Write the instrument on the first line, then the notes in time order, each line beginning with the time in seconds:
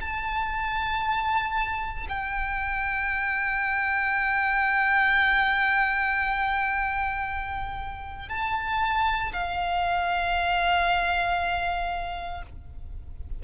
violin
0.00 A5
2.08 G5
8.29 A5
9.32 F5